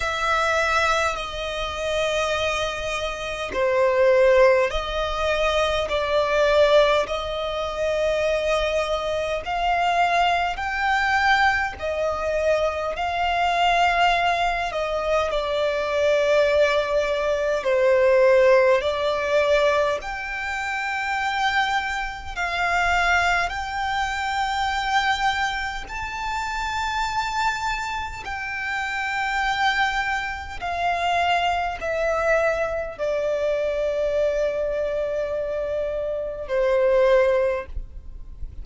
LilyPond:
\new Staff \with { instrumentName = "violin" } { \time 4/4 \tempo 4 = 51 e''4 dis''2 c''4 | dis''4 d''4 dis''2 | f''4 g''4 dis''4 f''4~ | f''8 dis''8 d''2 c''4 |
d''4 g''2 f''4 | g''2 a''2 | g''2 f''4 e''4 | d''2. c''4 | }